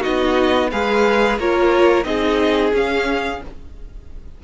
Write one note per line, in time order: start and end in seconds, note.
0.00 0.72 B3
0.00 0.69 D#4
0.00 0.67 F#4
0.00 0.70 D#5
0.70 1.38 G#3
0.70 1.40 G#4
0.70 1.38 B4
0.70 1.38 F5
1.38 2.04 A#3
1.38 2.04 F4
1.38 2.06 A#4
1.38 2.03 C#5
2.03 2.72 C4
2.03 2.71 D#4
2.03 3.42 G#4
2.03 2.71 D#5
2.72 3.40 C#4
2.72 3.44 F5